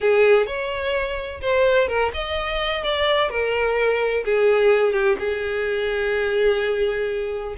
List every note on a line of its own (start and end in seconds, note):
0.00 0.46 G#4
0.46 1.40 C#5
1.41 1.88 C5
1.88 2.11 A#4
2.13 2.83 D#5
2.83 3.29 D5
3.29 4.24 A#4
4.24 4.92 G#4
4.92 5.16 G4
5.19 7.55 G#4